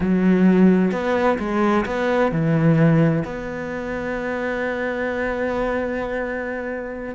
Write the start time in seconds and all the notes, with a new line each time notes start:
0.00 F#3
0.91 B3
1.38 G#3
1.85 B3
2.31 E3
3.24 B3